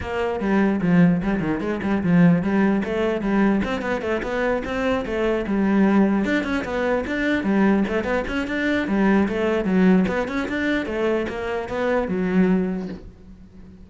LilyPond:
\new Staff \with { instrumentName = "cello" } { \time 4/4 \tempo 4 = 149 ais4 g4 f4 g8 dis8 | gis8 g8 f4 g4 a4 | g4 c'8 b8 a8 b4 c'8~ | c'8 a4 g2 d'8 |
cis'8 b4 d'4 g4 a8 | b8 cis'8 d'4 g4 a4 | fis4 b8 cis'8 d'4 a4 | ais4 b4 fis2 | }